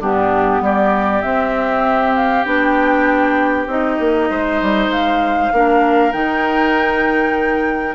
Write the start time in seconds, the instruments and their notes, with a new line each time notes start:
0.00 bassoon G2, clarinet B3, oboe D4, flute G4
0.61 bassoon G3, oboe G4, flute D5
1.22 clarinet C4, bassoon C4, flute E5
2.16 flute F5
2.44 bassoon B3, clarinet D4, flute G5
3.67 bassoon C4, clarinet D#4, flute D#5
4.00 bassoon A#3
4.31 bassoon G#3, oboe C5
4.62 bassoon G3
4.88 bassoon G#3, flute F5
5.53 bassoon A#3, clarinet D4, oboe A#4
6.12 bassoon D#3, clarinet D#4, flute G5